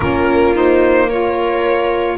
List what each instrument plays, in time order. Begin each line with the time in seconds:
0.00 double bass A#3, saxophone C#4, viola F4, violin A#4
0.54 saxophone D#4, violin C5
1.07 saxophone F4, viola A#4, violin C#5